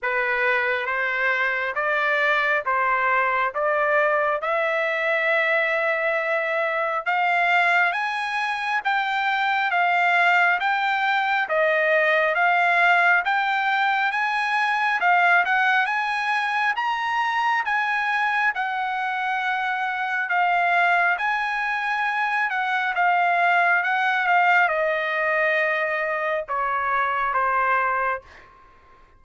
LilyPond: \new Staff \with { instrumentName = "trumpet" } { \time 4/4 \tempo 4 = 68 b'4 c''4 d''4 c''4 | d''4 e''2. | f''4 gis''4 g''4 f''4 | g''4 dis''4 f''4 g''4 |
gis''4 f''8 fis''8 gis''4 ais''4 | gis''4 fis''2 f''4 | gis''4. fis''8 f''4 fis''8 f''8 | dis''2 cis''4 c''4 | }